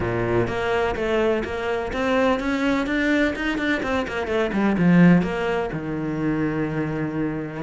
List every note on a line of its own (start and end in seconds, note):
0.00 0.47 A#2
0.47 0.95 A#3
0.95 1.43 A3
1.44 1.92 A#3
1.92 2.39 C4
2.39 2.86 C#4
2.86 3.34 D4
3.35 3.57 D#4
3.57 3.81 D4
3.82 4.06 C4
4.07 4.27 A#3
4.27 4.50 A3
4.52 4.76 G3
4.77 5.22 F3
5.22 5.70 A#3
5.72 7.62 D#3